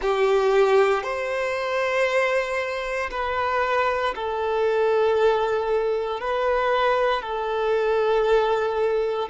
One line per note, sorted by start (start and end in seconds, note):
0.01 1.03 G4
1.03 3.10 C5
3.10 4.14 B4
4.15 6.20 A4
6.20 7.21 B4
7.21 9.28 A4